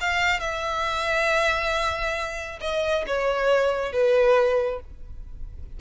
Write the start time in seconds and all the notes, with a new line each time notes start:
0.00 F5
0.40 E5
2.60 D#5
3.06 C#5
3.92 B4